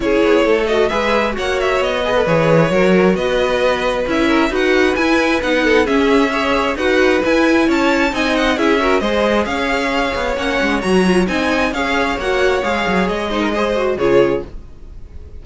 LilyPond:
<<
  \new Staff \with { instrumentName = "violin" } { \time 4/4 \tempo 4 = 133 cis''4. dis''8 e''4 fis''8 e''8 | dis''4 cis''2 dis''4~ | dis''4 e''4 fis''4 gis''4 | fis''4 e''2 fis''4 |
gis''4 a''4 gis''8 fis''8 e''4 | dis''4 f''2 fis''4 | ais''4 gis''4 f''4 fis''4 | f''4 dis''2 cis''4 | }
  \new Staff \with { instrumentName = "violin" } { \time 4/4 gis'4 a'4 b'4 cis''4~ | cis''8 b'4. ais'4 b'4~ | b'4. ais'8 b'2~ | b'8 a'8 gis'4 cis''4 b'4~ |
b'4 cis''4 dis''4 gis'8 ais'8 | c''4 cis''2.~ | cis''4 dis''4 cis''2~ | cis''4. c''16 ais'16 c''4 gis'4 | }
  \new Staff \with { instrumentName = "viola" } { \time 4/4 e'4. fis'8 gis'4 fis'4~ | fis'8 gis'16 a'16 gis'4 fis'2~ | fis'4 e'4 fis'4 e'4 | dis'4 cis'4 gis'4 fis'4 |
e'2 dis'4 e'8 fis'8 | gis'2. cis'4 | fis'8 f'8 dis'4 gis'4 fis'4 | gis'4. dis'8 gis'8 fis'8 f'4 | }
  \new Staff \with { instrumentName = "cello" } { \time 4/4 cis'8 b8 a4 gis4 ais4 | b4 e4 fis4 b4~ | b4 cis'4 dis'4 e'4 | b4 cis'2 dis'4 |
e'4 cis'4 c'4 cis'4 | gis4 cis'4. b8 ais8 gis8 | fis4 c'4 cis'4 ais4 | gis8 fis8 gis2 cis4 | }
>>